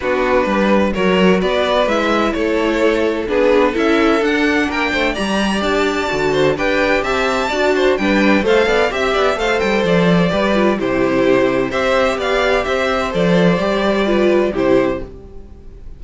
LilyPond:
<<
  \new Staff \with { instrumentName = "violin" } { \time 4/4 \tempo 4 = 128 b'2 cis''4 d''4 | e''4 cis''2 b'4 | e''4 fis''4 g''4 ais''4 | a''2 g''4 a''4~ |
a''4 g''4 f''4 e''4 | f''8 g''8 d''2 c''4~ | c''4 e''4 f''4 e''4 | d''2. c''4 | }
  \new Staff \with { instrumentName = "violin" } { \time 4/4 fis'4 b'4 ais'4 b'4~ | b'4 a'2 gis'4 | a'2 ais'8 c''8 d''4~ | d''4. c''8 b'4 e''4 |
d''8 c''8 b'4 c''8 d''8 e''8 d''8 | c''2 b'4 g'4~ | g'4 c''4 d''4 c''4~ | c''2 b'4 g'4 | }
  \new Staff \with { instrumentName = "viola" } { \time 4/4 d'2 fis'2 | e'2. d'4 | e'4 d'2 g'4~ | g'4 fis'4 g'2 |
fis'4 d'4 a'4 g'4 | a'2 g'8 f'8 e'4~ | e'4 g'2. | a'4 g'4 f'4 e'4 | }
  \new Staff \with { instrumentName = "cello" } { \time 4/4 b4 g4 fis4 b4 | gis4 a2 b4 | cis'4 d'4 ais8 a8 g4 | d'4 d4 d'4 c'4 |
d'4 g4 a8 b8 c'8 b8 | a8 g8 f4 g4 c4~ | c4 c'4 b4 c'4 | f4 g2 c4 | }
>>